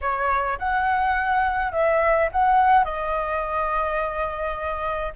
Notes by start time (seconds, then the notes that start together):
0.01 C#5
0.58 F#5
1.72 E5
2.31 F#5
2.84 D#5